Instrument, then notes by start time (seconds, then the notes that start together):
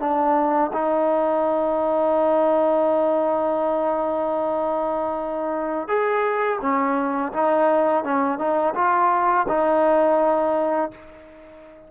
trombone
0.00 D4
0.73 D#4
5.88 G#4
6.62 C#4
7.33 D#4
8.05 C#4
8.39 D#4
8.75 F4
9.49 D#4